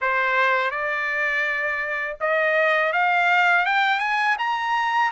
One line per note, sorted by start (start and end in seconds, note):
0.01 0.70 C5
0.70 2.17 D5
2.20 2.92 D#5
2.92 3.65 F5
3.65 3.99 G5
3.99 4.36 G#5
4.38 5.11 A#5